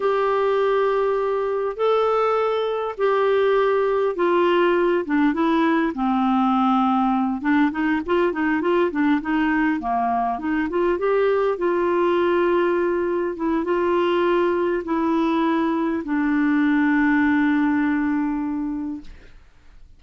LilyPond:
\new Staff \with { instrumentName = "clarinet" } { \time 4/4 \tempo 4 = 101 g'2. a'4~ | a'4 g'2 f'4~ | f'8 d'8 e'4 c'2~ | c'8 d'8 dis'8 f'8 dis'8 f'8 d'8 dis'8~ |
dis'8 ais4 dis'8 f'8 g'4 f'8~ | f'2~ f'8 e'8 f'4~ | f'4 e'2 d'4~ | d'1 | }